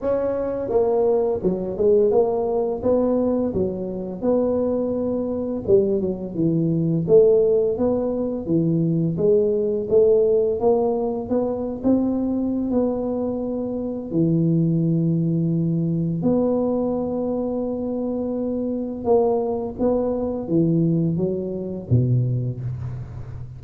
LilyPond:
\new Staff \with { instrumentName = "tuba" } { \time 4/4 \tempo 4 = 85 cis'4 ais4 fis8 gis8 ais4 | b4 fis4 b2 | g8 fis8 e4 a4 b4 | e4 gis4 a4 ais4 |
b8. c'4~ c'16 b2 | e2. b4~ | b2. ais4 | b4 e4 fis4 b,4 | }